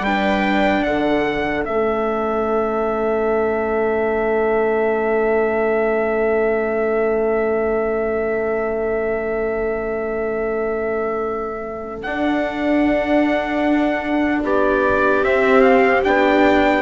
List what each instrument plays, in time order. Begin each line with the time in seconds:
0.00 bassoon G3, cello D4, viola B4, trumpet G5
0.83 bassoon D3, viola A4, trumpet F#5
1.64 bassoon A3, cello C#4, trumpet E5
12.03 bassoon D4, cello D4, trumpet F#5
14.44 bassoon B3, viola G4, trumpet D5
15.23 cello C4, bassoon C4, trumpet E5
15.62 trumpet F5
16.04 bassoon B3, cello D4, trumpet G5